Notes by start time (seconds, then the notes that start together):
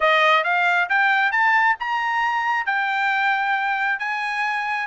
0.00 D#5
0.44 F5
0.89 G5
1.31 A5
1.79 A#5
2.65 G5
3.99 G#5